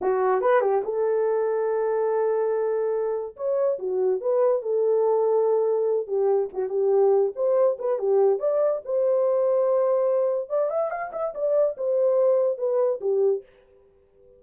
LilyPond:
\new Staff \with { instrumentName = "horn" } { \time 4/4 \tempo 4 = 143 fis'4 b'8 g'8 a'2~ | a'1 | cis''4 fis'4 b'4 a'4~ | a'2~ a'8 g'4 fis'8 |
g'4. c''4 b'8 g'4 | d''4 c''2.~ | c''4 d''8 e''8 f''8 e''8 d''4 | c''2 b'4 g'4 | }